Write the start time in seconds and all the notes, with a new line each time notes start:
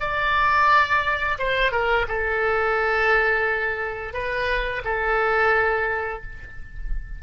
0.00 D5
1.38 C5
1.72 A#4
2.08 A4
4.13 B4
4.84 A4